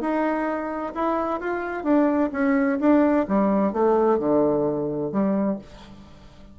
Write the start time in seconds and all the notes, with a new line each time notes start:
0.00 D#4
0.94 E4
1.40 F4
1.83 D4
2.32 C#4
2.79 D4
3.28 G3
3.73 A3
4.18 D3
5.12 G3